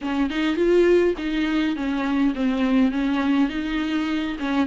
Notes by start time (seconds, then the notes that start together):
0.01 C#4
0.29 D#4
0.56 F4
1.17 D#4
1.76 C#4
2.35 C4
2.91 C#4
3.49 D#4
4.39 C#4